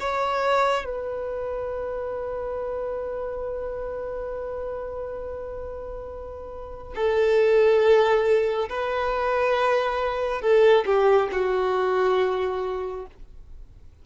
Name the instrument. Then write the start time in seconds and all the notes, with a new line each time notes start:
violin
0.00 C#5
0.85 B4
6.95 A4
8.70 B4
10.42 A4
10.86 G4
11.32 F#4